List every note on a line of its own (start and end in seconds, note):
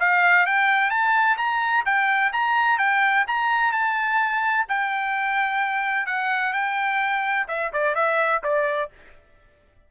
0.00 0.46 F5
0.46 0.90 G5
0.90 1.37 A5
1.38 1.85 A#5
1.86 2.32 G5
2.33 2.78 A#5
2.78 3.25 G5
3.27 3.72 A#5
3.72 4.66 A5
4.69 6.06 G5
6.06 6.53 F#5
6.53 7.47 G5
7.48 7.71 E5
7.73 7.95 D5
7.95 8.42 E5
8.44 8.90 D5